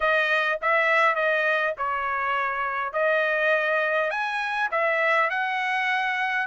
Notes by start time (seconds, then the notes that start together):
0.00 D#5
0.61 E5
1.15 D#5
1.77 C#5
2.93 D#5
4.10 G#5
4.71 E5
5.30 F#5